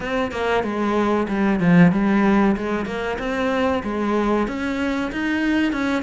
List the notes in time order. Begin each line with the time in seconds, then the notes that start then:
0.00 C4
0.31 A#3
0.63 G#3
1.28 G3
1.60 F3
1.91 G3
2.56 G#3
2.85 A#3
3.19 C4
3.83 G#3
4.47 C#4
5.12 D#4
5.72 C#4